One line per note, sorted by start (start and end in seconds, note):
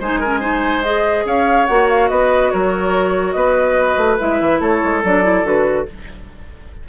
0.00 1.25 G#3
0.00 0.24 D#4
0.00 0.20 C5
0.00 0.84 G#5
0.20 0.41 C#4
0.20 0.40 A#4
0.40 0.83 D#4
0.40 1.24 C5
0.84 1.69 G#4
0.84 1.26 D#5
1.25 1.67 C#4
1.25 2.10 C#5
1.25 1.66 F5
1.66 2.10 A#3
1.66 4.20 F#4
1.66 1.87 F#5
1.89 2.09 F5
2.09 2.52 B3
2.09 2.52 B4
2.09 2.51 D#5
2.51 3.35 F#3
2.51 3.35 A#4
2.51 3.32 C#5
3.32 3.98 B3
3.32 4.61 B4
3.32 4.16 D#5
3.98 4.19 A3
4.19 4.41 G#3
4.19 5.04 E4
4.19 4.61 E5
4.41 4.61 E3
4.61 4.82 A3
4.61 5.87 A4
4.61 5.04 C#5
4.84 5.04 G#3
5.04 5.44 F#3
5.04 5.23 D4
5.04 5.47 D5
5.23 5.44 E4
5.44 5.86 D3
5.44 5.86 F#4
5.44 5.89 B4